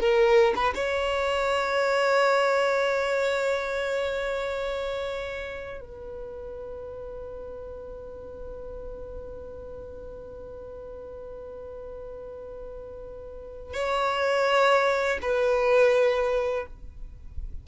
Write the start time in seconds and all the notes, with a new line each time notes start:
0.00 A#4
0.56 B4
0.75 C#5
5.81 B4
13.74 C#5
15.22 B4